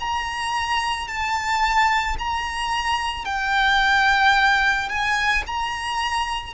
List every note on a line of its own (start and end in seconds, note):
0.00 1.08 A#5
1.08 2.17 A5
2.19 3.26 A#5
3.26 4.89 G5
4.89 5.44 G#5
5.47 6.54 A#5